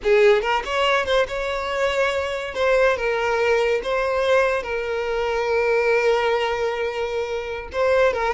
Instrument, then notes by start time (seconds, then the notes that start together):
violin
0.03 G#4
0.41 A#4
0.65 C#5
1.05 C5
1.27 C#5
2.54 C5
2.96 A#4
3.83 C5
4.62 A#4
7.72 C5
8.13 A#4